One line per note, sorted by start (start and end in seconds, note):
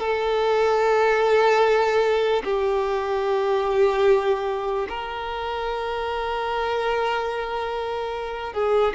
0.00 2.43 A4
2.44 4.88 G4
4.89 8.54 A#4
8.54 8.94 G#4